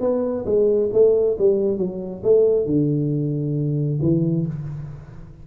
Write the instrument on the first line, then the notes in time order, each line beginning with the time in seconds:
tuba
0.00 B3
0.45 G#3
0.92 A3
1.39 G3
1.77 F#3
2.23 A3
2.65 D3
4.01 E3